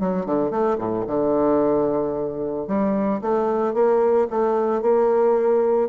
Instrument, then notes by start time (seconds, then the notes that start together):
bassoon
0.00 F#3
0.26 D3
0.51 A3
0.78 A2
1.07 D3
2.68 G3
3.22 A3
3.75 A#3
4.31 A3
4.82 A#3